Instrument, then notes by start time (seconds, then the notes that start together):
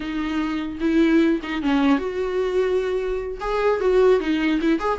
viola
0.00 D#4
0.80 E4
1.42 D#4
1.62 C#4
1.98 F#4
3.40 G#4
3.80 F#4
4.19 D#4
4.61 E4
4.79 G#4